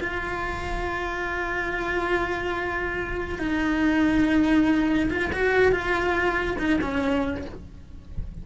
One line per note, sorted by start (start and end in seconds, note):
0.00 3.39 F4
3.39 5.09 D#4
5.10 5.31 F4
5.32 5.72 F#4
5.72 6.57 F4
6.58 6.79 D#4
6.81 7.45 C#4